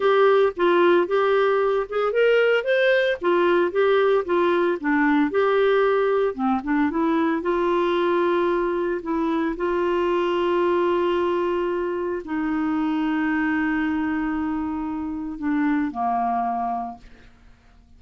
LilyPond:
\new Staff \with { instrumentName = "clarinet" } { \time 4/4 \tempo 4 = 113 g'4 f'4 g'4. gis'8 | ais'4 c''4 f'4 g'4 | f'4 d'4 g'2 | c'8 d'8 e'4 f'2~ |
f'4 e'4 f'2~ | f'2. dis'4~ | dis'1~ | dis'4 d'4 ais2 | }